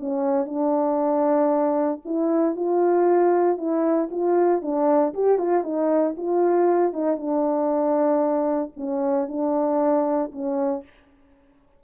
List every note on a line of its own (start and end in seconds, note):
0.00 0.46 C#4
0.46 2.01 D4
2.05 2.56 E4
2.56 3.58 F4
3.58 4.10 E4
4.11 4.62 F4
4.62 5.14 D4
5.14 5.38 G4
5.38 5.64 F4
5.64 6.16 D#4
6.17 6.93 F4
6.93 7.17 D#4
7.17 8.72 D4
8.77 9.28 C#4
9.28 10.32 D4
10.32 10.84 C#4